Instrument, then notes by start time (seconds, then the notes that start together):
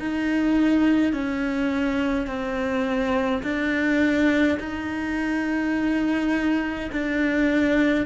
cello
0.00 D#4
1.13 C#4
2.27 C4
3.43 D4
4.59 D#4
6.92 D4